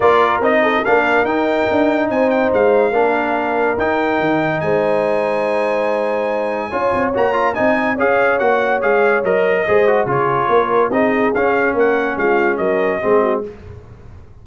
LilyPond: <<
  \new Staff \with { instrumentName = "trumpet" } { \time 4/4 \tempo 4 = 143 d''4 dis''4 f''4 g''4~ | g''4 gis''8 g''8 f''2~ | f''4 g''2 gis''4~ | gis''1~ |
gis''4 ais''4 gis''4 f''4 | fis''4 f''4 dis''2 | cis''2 dis''4 f''4 | fis''4 f''4 dis''2 | }
  \new Staff \with { instrumentName = "horn" } { \time 4/4 ais'4. a'8 ais'2~ | ais'4 c''2 ais'4~ | ais'2. c''4~ | c''1 |
cis''2 dis''4 cis''4~ | cis''2. c''4 | gis'4 ais'4 gis'2 | ais'4 f'4 ais'4 gis'8 fis'8 | }
  \new Staff \with { instrumentName = "trombone" } { \time 4/4 f'4 dis'4 d'4 dis'4~ | dis'2. d'4~ | d'4 dis'2.~ | dis'1 |
f'4 fis'8 f'8 dis'4 gis'4 | fis'4 gis'4 ais'4 gis'8 fis'8 | f'2 dis'4 cis'4~ | cis'2. c'4 | }
  \new Staff \with { instrumentName = "tuba" } { \time 4/4 ais4 c'4 ais4 dis'4 | d'4 c'4 gis4 ais4~ | ais4 dis'4 dis4 gis4~ | gis1 |
cis'8 c'8 ais4 c'4 cis'4 | ais4 gis4 fis4 gis4 | cis4 ais4 c'4 cis'4 | ais4 gis4 fis4 gis4 | }
>>